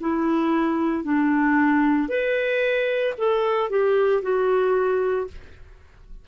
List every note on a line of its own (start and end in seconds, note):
0.00 1.04 E4
1.04 2.09 D4
2.09 3.14 B4
3.18 3.70 A4
3.70 4.22 G4
4.22 5.28 F#4